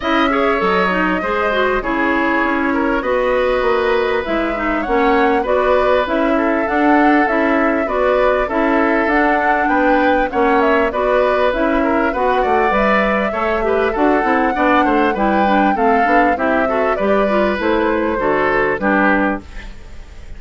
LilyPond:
<<
  \new Staff \with { instrumentName = "flute" } { \time 4/4 \tempo 4 = 99 e''4 dis''2 cis''4~ | cis''4 dis''2 e''4 | fis''4 d''4 e''4 fis''4 | e''4 d''4 e''4 fis''4 |
g''4 fis''8 e''8 d''4 e''4 | fis''4 e''2 fis''4~ | fis''4 g''4 f''4 e''4 | d''4 c''2 b'4 | }
  \new Staff \with { instrumentName = "oboe" } { \time 4/4 dis''8 cis''4. c''4 gis'4~ | gis'8 ais'8 b'2. | cis''4 b'4. a'4.~ | a'4 b'4 a'2 |
b'4 cis''4 b'4. ais'8 | b'8 d''4. cis''8 b'8 a'4 | d''8 c''8 b'4 a'4 g'8 a'8 | b'2 a'4 g'4 | }
  \new Staff \with { instrumentName = "clarinet" } { \time 4/4 e'8 gis'8 a'8 dis'8 gis'8 fis'8 e'4~ | e'4 fis'2 e'8 dis'8 | cis'4 fis'4 e'4 d'4 | e'4 fis'4 e'4 d'4~ |
d'4 cis'4 fis'4 e'4 | fis'4 b'4 a'8 g'8 fis'8 e'8 | d'4 e'8 d'8 c'8 d'8 e'8 fis'8 | g'8 f'8 e'4 fis'4 d'4 | }
  \new Staff \with { instrumentName = "bassoon" } { \time 4/4 cis'4 fis4 gis4 cis4 | cis'4 b4 ais4 gis4 | ais4 b4 cis'4 d'4 | cis'4 b4 cis'4 d'4 |
b4 ais4 b4 cis'4 | b8 a8 g4 a4 d'8 c'8 | b8 a8 g4 a8 b8 c'4 | g4 a4 d4 g4 | }
>>